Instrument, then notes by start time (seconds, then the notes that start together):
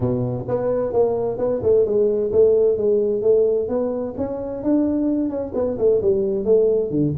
tuba
0.00 B2
0.48 B3
0.92 A#3
1.38 B3
1.63 A3
1.85 G#3
2.32 A3
2.77 G#3
3.22 A3
3.68 B3
4.17 C#4
4.63 D4
5.29 C#4
5.54 B3
5.78 A3
6.01 G3
6.44 A3
6.90 D3